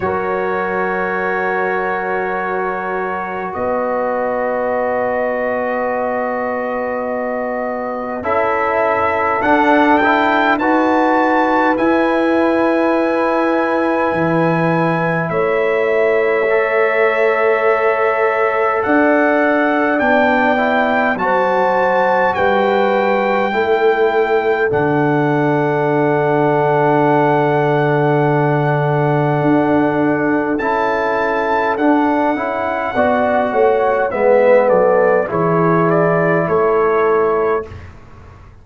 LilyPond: <<
  \new Staff \with { instrumentName = "trumpet" } { \time 4/4 \tempo 4 = 51 cis''2. dis''4~ | dis''2. e''4 | fis''8 g''8 a''4 gis''2~ | gis''4 e''2. |
fis''4 g''4 a''4 g''4~ | g''4 fis''2.~ | fis''2 a''4 fis''4~ | fis''4 e''8 d''8 cis''8 d''8 cis''4 | }
  \new Staff \with { instrumentName = "horn" } { \time 4/4 ais'2. b'4~ | b'2. a'4~ | a'4 b'2.~ | b'4 cis''2. |
d''2 c''4 b'4 | a'1~ | a'1 | d''8 cis''8 b'8 a'8 gis'4 a'4 | }
  \new Staff \with { instrumentName = "trombone" } { \time 4/4 fis'1~ | fis'2. e'4 | d'8 e'8 fis'4 e'2~ | e'2 a'2~ |
a'4 d'8 e'8 fis'2 | e'4 d'2.~ | d'2 e'4 d'8 e'8 | fis'4 b4 e'2 | }
  \new Staff \with { instrumentName = "tuba" } { \time 4/4 fis2. b4~ | b2. cis'4 | d'4 dis'4 e'2 | e4 a2. |
d'4 b4 fis4 g4 | a4 d2.~ | d4 d'4 cis'4 d'8 cis'8 | b8 a8 gis8 fis8 e4 a4 | }
>>